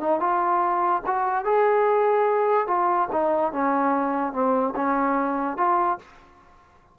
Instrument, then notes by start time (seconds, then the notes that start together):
trombone
0.00 D#4
0.20 F4
1.06 F#4
1.45 G#4
2.67 F4
3.12 D#4
3.52 C#4
4.33 C4
4.75 C#4
5.57 F4